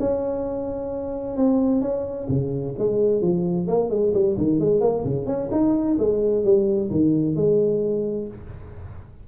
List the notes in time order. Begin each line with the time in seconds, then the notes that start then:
0.00 C#4
1.37 C4
1.81 C#4
2.29 C#3
2.78 G#3
3.22 F3
3.68 A#3
3.90 G#3
4.14 G3
4.38 D#3
4.60 G#3
4.81 A#3
5.04 C#3
5.27 C#4
5.51 D#4
5.99 G#3
6.44 G3
6.91 D#3
7.36 G#3